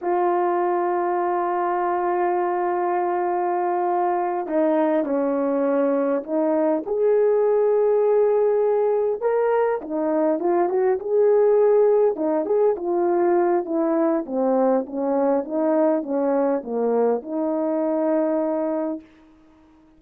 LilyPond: \new Staff \with { instrumentName = "horn" } { \time 4/4 \tempo 4 = 101 f'1~ | f'2.~ f'8 dis'8~ | dis'8 cis'2 dis'4 gis'8~ | gis'2.~ gis'8 ais'8~ |
ais'8 dis'4 f'8 fis'8 gis'4.~ | gis'8 dis'8 gis'8 f'4. e'4 | c'4 cis'4 dis'4 cis'4 | ais4 dis'2. | }